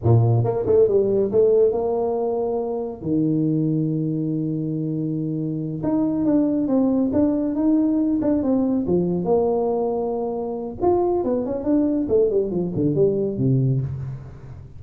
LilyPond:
\new Staff \with { instrumentName = "tuba" } { \time 4/4 \tempo 4 = 139 ais,4 ais8 a8 g4 a4 | ais2. dis4~ | dis1~ | dis4. dis'4 d'4 c'8~ |
c'8 d'4 dis'4. d'8 c'8~ | c'8 f4 ais2~ ais8~ | ais4 f'4 b8 cis'8 d'4 | a8 g8 f8 d8 g4 c4 | }